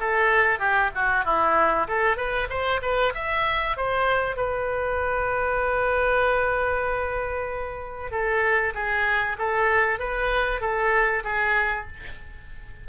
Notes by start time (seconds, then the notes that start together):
0.00 A4
0.59 G4
0.95 F#4
1.25 E4
1.88 A4
2.17 B4
2.49 C5
2.82 B4
3.14 E5
3.77 C5
4.36 B4
8.11 A4
8.74 G#4
9.38 A4
9.99 B4
10.61 A4
11.24 G#4